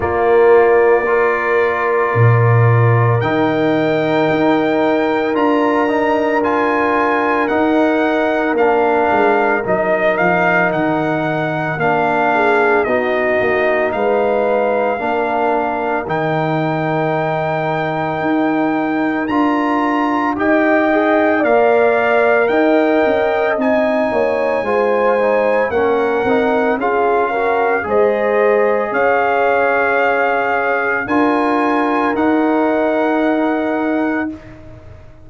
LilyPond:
<<
  \new Staff \with { instrumentName = "trumpet" } { \time 4/4 \tempo 4 = 56 d''2. g''4~ | g''4 ais''4 gis''4 fis''4 | f''4 dis''8 f''8 fis''4 f''4 | dis''4 f''2 g''4~ |
g''2 ais''4 g''4 | f''4 g''4 gis''2 | fis''4 f''4 dis''4 f''4~ | f''4 gis''4 fis''2 | }
  \new Staff \with { instrumentName = "horn" } { \time 4/4 f'4 ais'2.~ | ais'1~ | ais'2.~ ais'8 gis'8 | fis'4 b'4 ais'2~ |
ais'2. dis''4 | d''4 dis''4. cis''8 c''4 | ais'4 gis'8 ais'8 c''4 cis''4~ | cis''4 ais'2. | }
  \new Staff \with { instrumentName = "trombone" } { \time 4/4 ais4 f'2 dis'4~ | dis'4 f'8 dis'8 f'4 dis'4 | d'4 dis'2 d'4 | dis'2 d'4 dis'4~ |
dis'2 f'4 g'8 gis'8 | ais'2 dis'4 f'8 dis'8 | cis'8 dis'8 f'8 fis'8 gis'2~ | gis'4 f'4 dis'2 | }
  \new Staff \with { instrumentName = "tuba" } { \time 4/4 ais2 ais,4 dis4 | dis'4 d'2 dis'4 | ais8 gis8 fis8 f8 dis4 ais4 | b8 ais8 gis4 ais4 dis4~ |
dis4 dis'4 d'4 dis'4 | ais4 dis'8 cis'8 c'8 ais8 gis4 | ais8 c'8 cis'4 gis4 cis'4~ | cis'4 d'4 dis'2 | }
>>